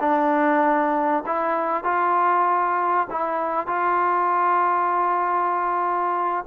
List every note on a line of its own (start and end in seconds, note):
0.00 1.24 D4
1.26 1.84 E4
1.84 3.08 F4
3.10 3.67 E4
3.67 6.45 F4